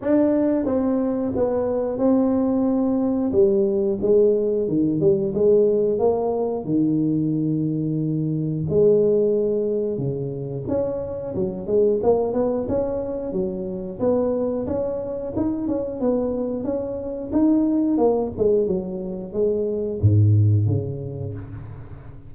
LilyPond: \new Staff \with { instrumentName = "tuba" } { \time 4/4 \tempo 4 = 90 d'4 c'4 b4 c'4~ | c'4 g4 gis4 dis8 g8 | gis4 ais4 dis2~ | dis4 gis2 cis4 |
cis'4 fis8 gis8 ais8 b8 cis'4 | fis4 b4 cis'4 dis'8 cis'8 | b4 cis'4 dis'4 ais8 gis8 | fis4 gis4 gis,4 cis4 | }